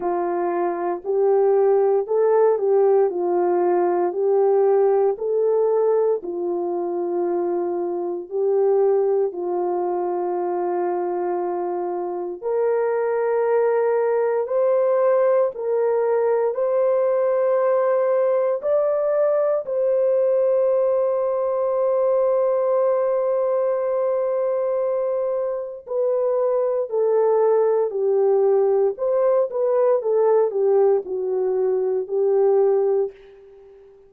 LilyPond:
\new Staff \with { instrumentName = "horn" } { \time 4/4 \tempo 4 = 58 f'4 g'4 a'8 g'8 f'4 | g'4 a'4 f'2 | g'4 f'2. | ais'2 c''4 ais'4 |
c''2 d''4 c''4~ | c''1~ | c''4 b'4 a'4 g'4 | c''8 b'8 a'8 g'8 fis'4 g'4 | }